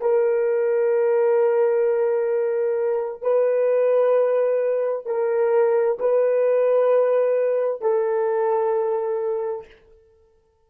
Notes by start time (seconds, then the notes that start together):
0.00 A#4
3.21 B4
5.06 A#4
5.99 B4
7.81 A4